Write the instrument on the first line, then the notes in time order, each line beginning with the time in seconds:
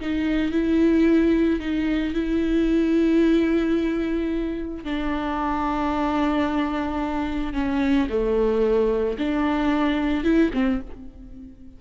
viola
0.00 D#4
0.52 E4
1.60 D#4
2.14 E4
4.84 D4
7.54 C#4
8.09 A3
9.18 D4
10.24 E4
10.54 C4